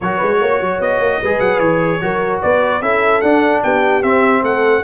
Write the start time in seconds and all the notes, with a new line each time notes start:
0.00 F#3 F#4 A#4 C#5
0.17 G#3 B4
0.39 A#3 C#5
0.60 F#3
0.80 B3 D#5
0.99 A#3
1.19 G#3 G#4 B4
1.39 F#3 F#5
1.59 E3 C#5
2.01 F#3 F#4 A#4
2.41 B3 B4 D5
2.81 C#4 E4 A4 E5
3.21 D4 F#5
3.63 B3 G4 G5
4.02 C4 E5
4.42 A3 A4 F#5